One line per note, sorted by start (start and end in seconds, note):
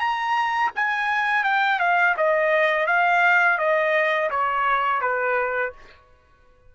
0.00 0.71 A#5
0.76 1.44 G#5
1.44 1.80 G5
1.80 2.15 F5
2.17 2.87 D#5
2.87 3.58 F5
3.58 4.30 D#5
4.31 5.01 C#5
5.01 5.73 B4